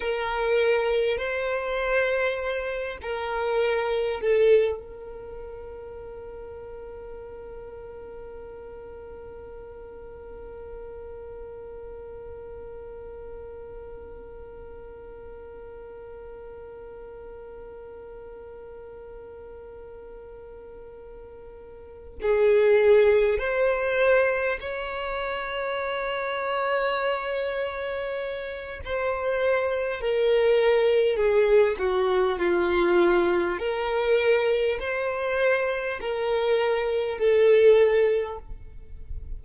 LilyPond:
\new Staff \with { instrumentName = "violin" } { \time 4/4 \tempo 4 = 50 ais'4 c''4. ais'4 a'8 | ais'1~ | ais'1~ | ais'1~ |
ais'2~ ais'8 gis'4 c''8~ | c''8 cis''2.~ cis''8 | c''4 ais'4 gis'8 fis'8 f'4 | ais'4 c''4 ais'4 a'4 | }